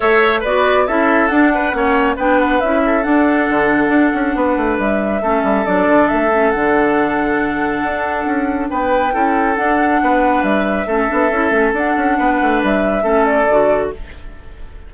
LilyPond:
<<
  \new Staff \with { instrumentName = "flute" } { \time 4/4 \tempo 4 = 138 e''4 d''4 e''4 fis''4~ | fis''4 g''8 fis''8 e''4 fis''4~ | fis''2. e''4~ | e''4 d''4 e''4 fis''4~ |
fis''1 | g''2 fis''2 | e''2. fis''4~ | fis''4 e''4. d''4. | }
  \new Staff \with { instrumentName = "oboe" } { \time 4/4 cis''4 b'4 a'4. b'8 | cis''4 b'4. a'4.~ | a'2 b'2 | a'1~ |
a'1 | b'4 a'2 b'4~ | b'4 a'2. | b'2 a'2 | }
  \new Staff \with { instrumentName = "clarinet" } { \time 4/4 a'4 fis'4 e'4 d'4 | cis'4 d'4 e'4 d'4~ | d'1 | cis'4 d'4. cis'8 d'4~ |
d'1~ | d'4 e'4 d'2~ | d'4 cis'8 d'8 e'8 cis'8 d'4~ | d'2 cis'4 fis'4 | }
  \new Staff \with { instrumentName = "bassoon" } { \time 4/4 a4 b4 cis'4 d'4 | ais4 b4 cis'4 d'4 | d4 d'8 cis'8 b8 a8 g4 | a8 g8 fis8 d8 a4 d4~ |
d2 d'4 cis'4 | b4 cis'4 d'4 b4 | g4 a8 b8 cis'8 a8 d'8 cis'8 | b8 a8 g4 a4 d4 | }
>>